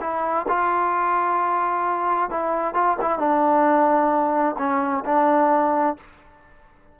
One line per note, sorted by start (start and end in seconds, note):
0.00 0.46 E4
0.48 2.30 F4
2.30 2.74 E4
2.74 2.97 F4
3.01 3.18 E4
3.18 4.56 D4
4.58 5.04 C#4
5.05 5.96 D4